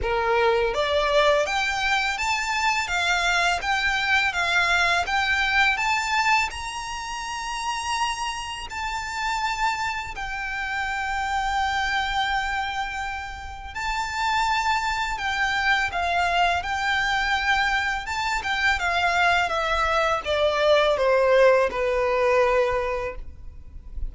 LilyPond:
\new Staff \with { instrumentName = "violin" } { \time 4/4 \tempo 4 = 83 ais'4 d''4 g''4 a''4 | f''4 g''4 f''4 g''4 | a''4 ais''2. | a''2 g''2~ |
g''2. a''4~ | a''4 g''4 f''4 g''4~ | g''4 a''8 g''8 f''4 e''4 | d''4 c''4 b'2 | }